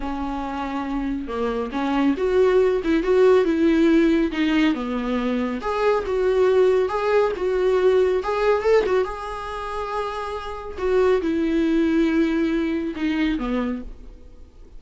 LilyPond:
\new Staff \with { instrumentName = "viola" } { \time 4/4 \tempo 4 = 139 cis'2. ais4 | cis'4 fis'4. e'8 fis'4 | e'2 dis'4 b4~ | b4 gis'4 fis'2 |
gis'4 fis'2 gis'4 | a'8 fis'8 gis'2.~ | gis'4 fis'4 e'2~ | e'2 dis'4 b4 | }